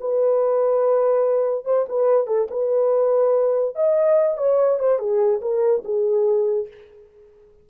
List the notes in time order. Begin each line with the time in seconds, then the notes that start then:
0.00 B4
1.65 C5
1.88 B4
2.27 A4
2.50 B4
3.75 D#5
4.37 C#5
4.79 C5
4.99 G#4
5.41 A#4
5.84 G#4